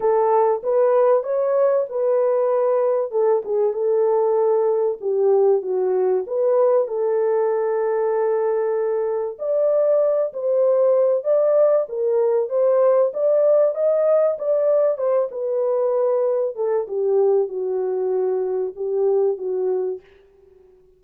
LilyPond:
\new Staff \with { instrumentName = "horn" } { \time 4/4 \tempo 4 = 96 a'4 b'4 cis''4 b'4~ | b'4 a'8 gis'8 a'2 | g'4 fis'4 b'4 a'4~ | a'2. d''4~ |
d''8 c''4. d''4 ais'4 | c''4 d''4 dis''4 d''4 | c''8 b'2 a'8 g'4 | fis'2 g'4 fis'4 | }